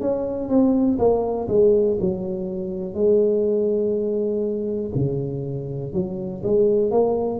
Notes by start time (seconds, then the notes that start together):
0.00 C#4
0.49 C4
0.98 A#3
1.48 G#3
2.00 F#3
2.94 G#3
4.94 C#3
5.93 F#3
6.43 G#3
6.91 A#3